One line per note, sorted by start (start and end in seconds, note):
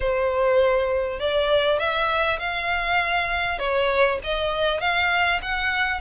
0.00 1.19 C5
1.19 1.79 D5
1.79 2.39 E5
2.39 3.58 F5
3.58 4.18 C#5
4.23 4.80 D#5
4.80 5.40 F5
5.42 6.00 F#5